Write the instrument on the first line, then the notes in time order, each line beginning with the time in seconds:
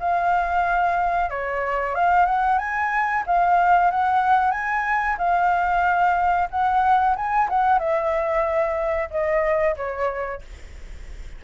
flute
0.00 F5
1.30 C#5
1.95 F5
2.26 F#5
2.59 G#5
3.27 F5
3.91 F#5
4.51 G#5
5.18 F5
6.51 F#5
7.16 G#5
7.49 F#5
7.79 E5
9.11 D#5
9.76 C#5